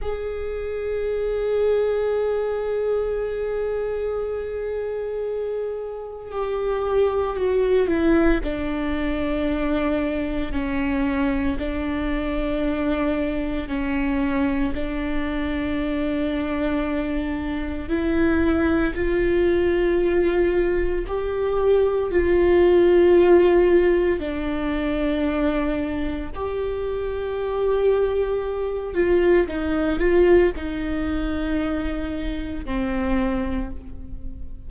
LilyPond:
\new Staff \with { instrumentName = "viola" } { \time 4/4 \tempo 4 = 57 gis'1~ | gis'2 g'4 fis'8 e'8 | d'2 cis'4 d'4~ | d'4 cis'4 d'2~ |
d'4 e'4 f'2 | g'4 f'2 d'4~ | d'4 g'2~ g'8 f'8 | dis'8 f'8 dis'2 c'4 | }